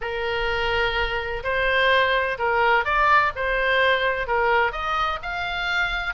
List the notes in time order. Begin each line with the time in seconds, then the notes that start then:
0.01 A#4
1.43 C5
2.38 A#4
2.84 D5
3.35 C5
4.27 A#4
4.72 D#5
5.22 F5